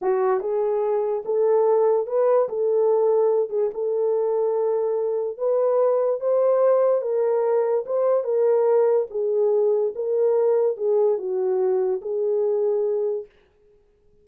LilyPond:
\new Staff \with { instrumentName = "horn" } { \time 4/4 \tempo 4 = 145 fis'4 gis'2 a'4~ | a'4 b'4 a'2~ | a'8 gis'8 a'2.~ | a'4 b'2 c''4~ |
c''4 ais'2 c''4 | ais'2 gis'2 | ais'2 gis'4 fis'4~ | fis'4 gis'2. | }